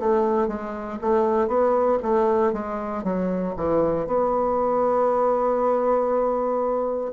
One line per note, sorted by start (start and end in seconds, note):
0.00 0.48 A3
0.48 0.99 G#3
1.02 1.48 A3
1.48 1.99 B3
2.02 2.53 A3
2.53 3.04 G#3
3.04 3.55 F#3
3.57 4.07 E3
4.07 7.12 B3